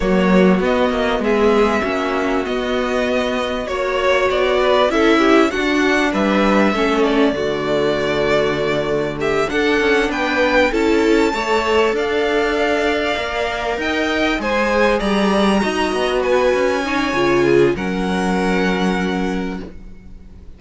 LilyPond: <<
  \new Staff \with { instrumentName = "violin" } { \time 4/4 \tempo 4 = 98 cis''4 dis''4 e''2 | dis''2 cis''4 d''4 | e''4 fis''4 e''4. d''8~ | d''2. e''8 fis''8~ |
fis''8 g''4 a''2 f''8~ | f''2~ f''8 g''4 gis''8~ | gis''8 ais''2 gis''4.~ | gis''4 fis''2. | }
  \new Staff \with { instrumentName = "violin" } { \time 4/4 fis'2 gis'4 fis'4~ | fis'2 cis''4. b'8 | a'8 g'8 fis'4 b'4 a'4 | fis'2. g'8 a'8~ |
a'8 b'4 a'4 cis''4 d''8~ | d''2~ d''8 dis''4 c''8~ | c''8 d''4 dis''4 b'4 cis''8~ | cis''8 gis'8 ais'2. | }
  \new Staff \with { instrumentName = "viola" } { \time 4/4 ais4 b2 cis'4 | b2 fis'2 | e'4 d'2 cis'4 | a2.~ a8 d'8~ |
d'4. e'4 a'4.~ | a'4. ais'2 gis'8~ | gis'4. fis'2 dis'8 | f'4 cis'2. | }
  \new Staff \with { instrumentName = "cello" } { \time 4/4 fis4 b8 ais8 gis4 ais4 | b2 ais4 b4 | cis'4 d'4 g4 a4 | d2.~ d8 d'8 |
cis'8 b4 cis'4 a4 d'8~ | d'4. ais4 dis'4 gis8~ | gis8 g4 dis'8 b4 cis'4 | cis4 fis2. | }
>>